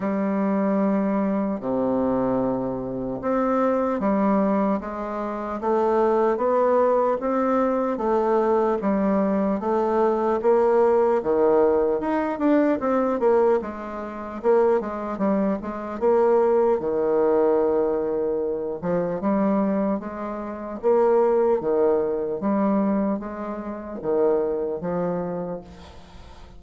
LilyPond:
\new Staff \with { instrumentName = "bassoon" } { \time 4/4 \tempo 4 = 75 g2 c2 | c'4 g4 gis4 a4 | b4 c'4 a4 g4 | a4 ais4 dis4 dis'8 d'8 |
c'8 ais8 gis4 ais8 gis8 g8 gis8 | ais4 dis2~ dis8 f8 | g4 gis4 ais4 dis4 | g4 gis4 dis4 f4 | }